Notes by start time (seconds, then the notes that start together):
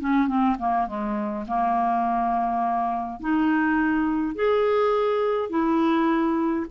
0.00 C#4
0.28 C4
0.59 A#3
0.87 G#3
1.47 A#3
3.20 D#4
4.36 G#4
5.50 E4